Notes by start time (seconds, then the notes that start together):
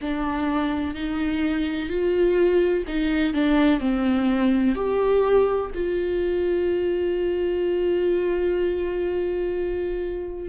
0.01 D4
0.94 D#4
1.89 F4
2.87 D#4
3.33 D4
3.80 C4
4.75 G4
5.74 F4